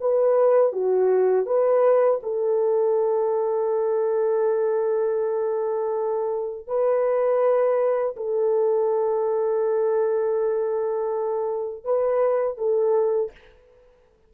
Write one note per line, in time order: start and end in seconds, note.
0.00 0.72 B4
0.72 1.46 F#4
1.46 2.20 B4
2.23 6.67 A4
6.67 8.15 B4
8.16 11.84 A4
11.84 12.57 B4
12.57 13.31 A4